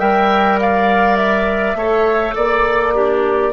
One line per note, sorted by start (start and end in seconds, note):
0.00 1.75 G3
0.00 1.76 A#4
0.00 0.59 E5
0.00 0.59 G5
0.60 1.78 D5
0.60 1.16 F5
1.16 2.34 E5
1.75 2.34 A3
1.75 2.94 A4
1.75 2.36 C#5
2.36 3.53 A#3
2.36 2.94 D5
2.36 3.53 D5
2.94 3.53 D4
2.94 3.53 G4